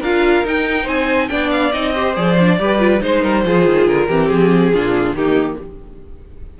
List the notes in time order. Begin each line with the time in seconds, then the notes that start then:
0.00 D4 F4 A#4 F5
0.44 D#4 G5
0.83 C4 C5 G#5
1.28 B3 D4 D5 G5
1.51 F5
1.72 C4 D#4 D#5
1.92 G4 C5
2.14 F3 G#4 D5
2.39 D4
2.59 G3 G4 B4
2.78 F4
3.00 G#3 D#4 C5
3.22 G3 A#4
3.44 F3 F4 G#4
3.65 D#3
3.86 D3 A#4
4.08 E3 C4 G4
4.28 F3 G#4
4.73 A#2 D4 F4
5.12 D#3 A#3 D#4 G4